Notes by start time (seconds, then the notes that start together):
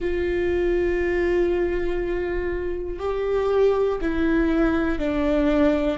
0.00 F4
2.99 G4
4.00 E4
4.98 D4